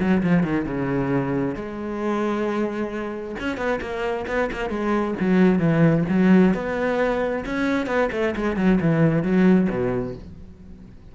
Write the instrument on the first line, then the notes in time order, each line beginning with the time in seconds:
cello
0.00 F#3
0.23 F3
0.43 D#3
0.65 C#3
1.55 G#3
3.40 C#4
3.57 B3
3.81 A#3
4.28 B3
4.52 A#3
4.70 G#3
5.20 F#3
5.59 E3
6.09 F#3
6.54 B3
7.46 C#4
7.87 B3
8.12 A3
8.36 G#3
8.57 F#3
8.81 E3
9.23 F#3
9.70 B2